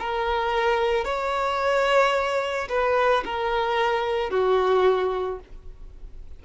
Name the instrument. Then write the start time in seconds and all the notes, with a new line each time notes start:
violin
0.00 A#4
1.05 C#5
2.69 B4
3.25 A#4
4.30 F#4